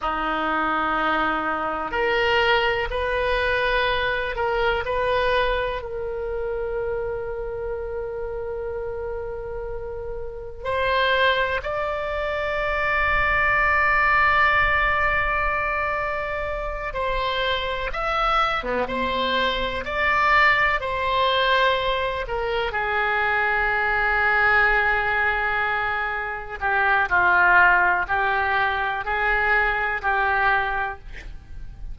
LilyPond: \new Staff \with { instrumentName = "oboe" } { \time 4/4 \tempo 4 = 62 dis'2 ais'4 b'4~ | b'8 ais'8 b'4 ais'2~ | ais'2. c''4 | d''1~ |
d''4. c''4 e''8. b16 c''8~ | c''8 d''4 c''4. ais'8 gis'8~ | gis'2.~ gis'8 g'8 | f'4 g'4 gis'4 g'4 | }